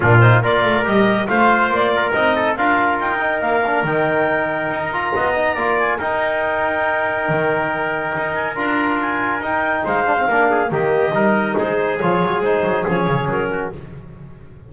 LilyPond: <<
  \new Staff \with { instrumentName = "clarinet" } { \time 4/4 \tempo 4 = 140 ais'8 c''8 d''4 dis''4 f''4 | d''4 dis''4 f''4 g''4 | f''4 g''2~ g''16 ais''8.~ | ais''4. gis''8 g''2~ |
g''2.~ g''8 gis''8 | ais''4 gis''4 g''4 f''4~ | f''4 dis''2 c''4 | cis''4 c''4 cis''4 ais'4 | }
  \new Staff \with { instrumentName = "trumpet" } { \time 4/4 f'4 ais'2 c''4~ | c''8 ais'4 a'8 ais'2~ | ais'1 | dis''4 d''4 ais'2~ |
ais'1~ | ais'2. c''4 | ais'8 gis'8 g'4 ais'4 gis'4~ | gis'2.~ gis'8 fis'8 | }
  \new Staff \with { instrumentName = "trombone" } { \time 4/4 d'8 dis'8 f'4 g'4 f'4~ | f'4 dis'4 f'4. dis'8~ | dis'8 d'8 dis'2~ dis'8 f'8~ | f'8 dis'8 f'4 dis'2~ |
dis'1 | f'2 dis'4. d'16 c'16 | d'4 ais4 dis'2 | f'4 dis'4 cis'2 | }
  \new Staff \with { instrumentName = "double bass" } { \time 4/4 ais,4 ais8 a8 g4 a4 | ais4 c'4 d'4 dis'4 | ais4 dis2 dis'4 | b4 ais4 dis'2~ |
dis'4 dis2 dis'4 | d'2 dis'4 gis4 | ais4 dis4 g4 gis4 | f8 fis8 gis8 fis8 f8 cis8 fis4 | }
>>